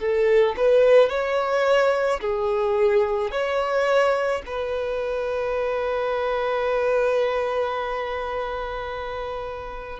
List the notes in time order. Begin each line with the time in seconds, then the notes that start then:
0.00 A4
0.57 B4
1.10 C#5
2.21 G#4
3.31 C#5
4.46 B4